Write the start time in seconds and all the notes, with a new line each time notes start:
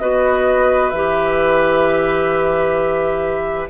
0.00 B3 F#4 B4 D#5
0.91 E3 G4 E5